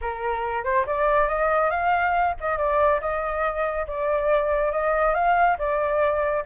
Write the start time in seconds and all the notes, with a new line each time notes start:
0.01 A#4
0.64 C5
0.86 D5
1.28 D#5
1.70 F5
2.40 D#5
2.57 D5
3.00 D#5
3.87 D5
4.71 D#5
5.14 F5
5.58 D5